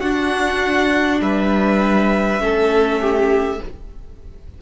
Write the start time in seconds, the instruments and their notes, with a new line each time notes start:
0.00 viola D4, cello D4, violin F#4 F#5
1.21 cello G3, violin B4 E5
2.39 cello A3, viola C#4, violin A4
3.01 violin G4